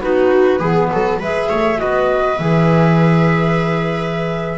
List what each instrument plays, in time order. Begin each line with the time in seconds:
0.00 double bass B3, clarinet D#4, viola F#4, flute B4
0.59 double bass E3, clarinet B3, viola G#4
0.92 double bass F#3, viola A4
1.19 double bass G#3, clarinet G#4, viola B4, flute E5
1.49 double bass A3, viola C#5
1.76 clarinet F#4, viola B4, flute D#5
1.82 double bass B3
2.38 double bass E3, clarinet G#4, flute E5